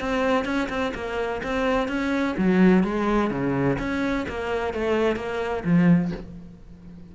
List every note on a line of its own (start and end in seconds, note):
0.00 0.45 C4
0.45 0.68 C#4
0.69 0.93 C4
0.94 1.42 A#3
1.43 1.88 C4
1.88 2.35 C#4
2.38 2.83 F#3
2.83 3.30 G#3
3.30 3.78 C#3
3.79 4.26 C#4
4.29 4.74 A#3
4.74 5.16 A3
5.16 5.63 A#3
5.64 6.12 F3